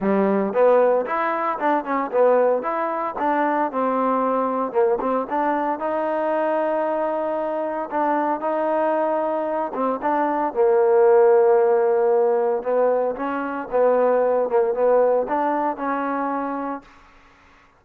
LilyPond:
\new Staff \with { instrumentName = "trombone" } { \time 4/4 \tempo 4 = 114 g4 b4 e'4 d'8 cis'8 | b4 e'4 d'4 c'4~ | c'4 ais8 c'8 d'4 dis'4~ | dis'2. d'4 |
dis'2~ dis'8 c'8 d'4 | ais1 | b4 cis'4 b4. ais8 | b4 d'4 cis'2 | }